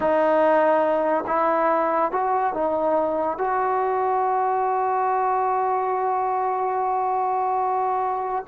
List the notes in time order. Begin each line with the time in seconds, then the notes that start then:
0.00 D#4
1.27 E4
2.11 F#4
2.54 D#4
3.38 F#4